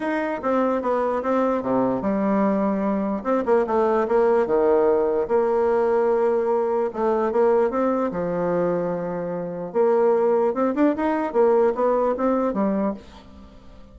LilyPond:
\new Staff \with { instrumentName = "bassoon" } { \time 4/4 \tempo 4 = 148 dis'4 c'4 b4 c'4 | c4 g2. | c'8 ais8 a4 ais4 dis4~ | dis4 ais2.~ |
ais4 a4 ais4 c'4 | f1 | ais2 c'8 d'8 dis'4 | ais4 b4 c'4 g4 | }